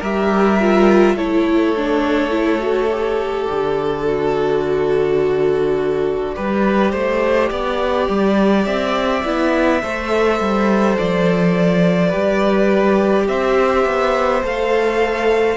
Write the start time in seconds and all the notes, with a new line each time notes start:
0.00 G3 G4 A#4 E5
0.60 F4
1.15 A3 E4 A4 C#5
1.76 D4
2.30 E4
2.59 F#4
2.91 G4
3.47 D3 D5
4.06 F#4
6.36 G3 G4 B4
6.92 A3 C5
7.51 B3 D5
8.09 G3
8.65 C4 E5
9.24 B3 E4
9.82 A3 A4 C5
10.40 G3
10.98 F3 D5
12.08 G3 G4 B4
13.28 C4 C5 E5
13.85 B3
14.43 A3 A4 F5